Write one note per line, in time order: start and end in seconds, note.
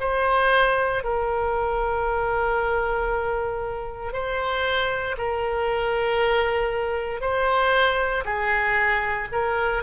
0.00 1.03 C5
1.03 4.12 A#4
4.12 5.16 C5
5.17 7.20 A#4
7.20 8.24 C5
8.24 9.28 G#4
9.32 9.83 A#4